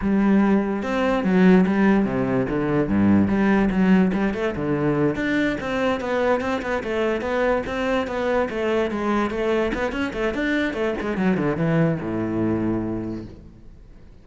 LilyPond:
\new Staff \with { instrumentName = "cello" } { \time 4/4 \tempo 4 = 145 g2 c'4 fis4 | g4 c4 d4 g,4 | g4 fis4 g8 a8 d4~ | d8 d'4 c'4 b4 c'8 |
b8 a4 b4 c'4 b8~ | b8 a4 gis4 a4 b8 | cis'8 a8 d'4 a8 gis8 fis8 d8 | e4 a,2. | }